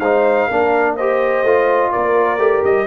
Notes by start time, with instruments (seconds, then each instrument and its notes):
0.00 tuba G#3, trombone D#4, horn C5, trumpet F5
0.48 tuba A#3, trombone D4, horn A#4
0.96 trombone G4, horn C5, trumpet D#5
1.43 tuba A3, trombone F4
1.91 tuba A#3, horn A#4, trumpet D5
2.38 tuba A3, trombone G4
2.64 tuba G3, trumpet D#5